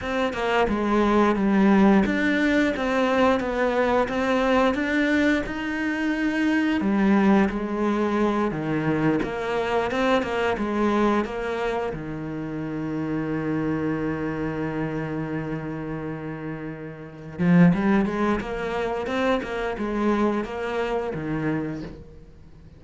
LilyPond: \new Staff \with { instrumentName = "cello" } { \time 4/4 \tempo 4 = 88 c'8 ais8 gis4 g4 d'4 | c'4 b4 c'4 d'4 | dis'2 g4 gis4~ | gis8 dis4 ais4 c'8 ais8 gis8~ |
gis8 ais4 dis2~ dis8~ | dis1~ | dis4. f8 g8 gis8 ais4 | c'8 ais8 gis4 ais4 dis4 | }